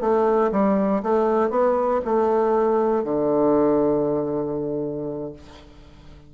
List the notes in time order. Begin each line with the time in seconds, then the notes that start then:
0.00 A3
0.51 G3
1.02 A3
1.50 B3
2.05 A3
3.04 D3